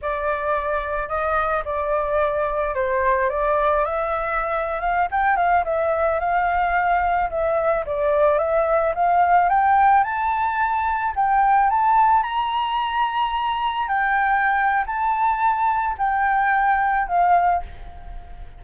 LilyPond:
\new Staff \with { instrumentName = "flute" } { \time 4/4 \tempo 4 = 109 d''2 dis''4 d''4~ | d''4 c''4 d''4 e''4~ | e''8. f''8 g''8 f''8 e''4 f''8.~ | f''4~ f''16 e''4 d''4 e''8.~ |
e''16 f''4 g''4 a''4.~ a''16~ | a''16 g''4 a''4 ais''4.~ ais''16~ | ais''4~ ais''16 g''4.~ g''16 a''4~ | a''4 g''2 f''4 | }